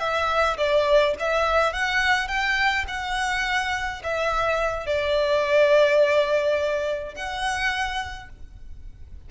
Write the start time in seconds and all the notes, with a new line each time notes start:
0.00 E5
0.58 D5
1.19 E5
1.73 F#5
2.28 G5
2.88 F#5
4.04 E5
4.86 D5
7.15 F#5